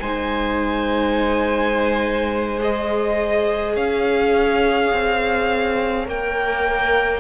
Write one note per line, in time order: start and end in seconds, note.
0.00 3.76 G#3
0.00 2.59 D#4
0.00 3.75 C5
0.00 2.60 G#5
2.59 6.05 G#4
2.59 3.76 D#5
3.75 4.92 C#4
3.75 7.20 C#5
3.75 6.07 F5
4.92 6.07 C4
6.05 7.20 A#3
6.05 7.20 A#4
6.05 7.20 G5